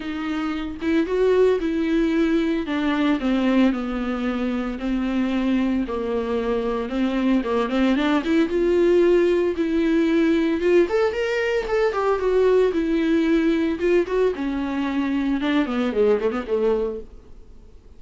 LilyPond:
\new Staff \with { instrumentName = "viola" } { \time 4/4 \tempo 4 = 113 dis'4. e'8 fis'4 e'4~ | e'4 d'4 c'4 b4~ | b4 c'2 ais4~ | ais4 c'4 ais8 c'8 d'8 e'8 |
f'2 e'2 | f'8 a'8 ais'4 a'8 g'8 fis'4 | e'2 f'8 fis'8 cis'4~ | cis'4 d'8 b8 gis8 a16 b16 a4 | }